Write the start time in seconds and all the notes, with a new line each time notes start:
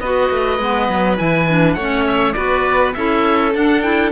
0.00 B3 F#4 B4 D#5
0.30 A3
0.59 G#3 B3
0.89 F#3
1.17 E3 E4 G#5
1.49 D4
1.74 A3 C#5 F#5
1.80 C#4
2.07 E5
2.33 B3 F#4 B4 D5
2.94 C#4 E4 A4 E5
3.52 D4 F#5
3.82 E4 G5